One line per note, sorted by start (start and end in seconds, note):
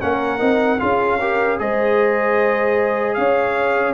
0.00 0.41 A#3
0.00 0.39 C#4
0.00 0.80 A#4
0.00 0.79 F#5
0.39 0.80 C4
0.39 0.78 D#4
0.79 1.60 C#4
0.79 1.19 F4
0.79 1.19 G#4
0.79 1.58 F5
1.20 1.58 G4
1.20 1.60 A#4
1.58 3.17 G#3
1.58 3.94 G#4
1.58 3.18 C5
1.58 3.14 D#5
3.14 3.94 C#4
3.14 3.94 C#5
3.14 3.93 F5